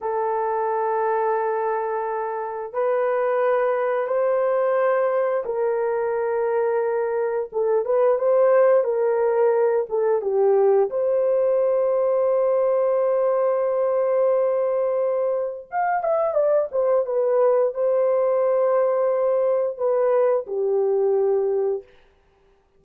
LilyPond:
\new Staff \with { instrumentName = "horn" } { \time 4/4 \tempo 4 = 88 a'1 | b'2 c''2 | ais'2. a'8 b'8 | c''4 ais'4. a'8 g'4 |
c''1~ | c''2. f''8 e''8 | d''8 c''8 b'4 c''2~ | c''4 b'4 g'2 | }